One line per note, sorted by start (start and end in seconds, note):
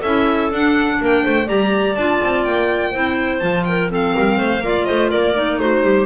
0.00 0.52 C#4
0.00 0.51 E4
0.00 0.97 A4
0.00 0.51 E5
0.51 1.47 D4
0.51 1.00 D4
0.51 1.02 F#5
1.01 1.25 A#3
1.01 1.24 A#4
1.01 1.48 G5
1.24 1.48 A3
1.24 1.46 C5
1.46 1.96 G3
1.46 1.95 G4
1.46 2.91 D5
1.46 1.95 A#5
1.95 2.20 D4
1.95 2.93 F4
1.95 2.44 A5
2.23 2.46 C4
2.44 2.94 A#3
2.44 3.40 G5
2.92 3.42 C4
2.92 3.41 E4
2.92 3.64 C5
3.40 4.15 F3
3.40 3.89 F4
3.40 3.64 A5
3.64 3.91 A#4
3.64 3.89 G5
3.89 4.61 C4
3.89 4.15 A4
3.89 4.85 F5
4.15 4.37 G3
4.15 4.38 A#4
4.37 4.60 A3
4.37 4.62 C5
4.60 4.84 A#3
4.60 5.34 F4
4.60 4.87 D5
4.85 5.14 A3
4.85 5.10 C5
4.85 5.09 D#5
5.10 5.58 A#3
5.10 5.59 A#4
5.10 5.59 D5
5.34 6.06 D#4
5.58 5.82 A3
5.58 5.83 F#4
5.58 6.06 C5
5.82 6.06 G3
5.82 6.06 G4